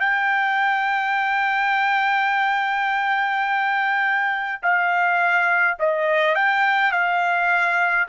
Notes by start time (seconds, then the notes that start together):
0.00 G5
4.62 F5
5.79 D#5
6.35 G5
6.91 F5